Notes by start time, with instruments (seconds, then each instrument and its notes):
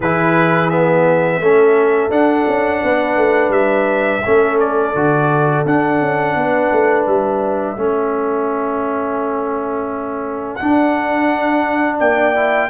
0.00 tuba E3, trombone E4, horn G#4, trumpet B4
0.69 trombone B3, trumpet E5
1.39 tuba A3, trombone C#4, horn A4
2.10 tuba D4, trombone D4, trumpet F#5
2.47 tuba C#4
2.83 tuba B3, horn B4
3.16 tuba A3
3.49 tuba G3, trumpet E5
4.25 tuba A3, trombone C#4, horn A4
4.59 trumpet D5
4.94 tuba D3, trombone F#4
5.65 tuba D4, trombone D4, trumpet F#5
6.00 tuba C#4
6.35 tuba B3, horn B4
6.72 tuba A3
7.06 tuba G3, trumpet E5
7.76 tuba A3, trombone C#4, horn A4
10.55 trombone D4, trumpet F#5
10.61 tuba D4
11.98 tuba A#3, horn D5, trumpet G5
12.35 trombone E4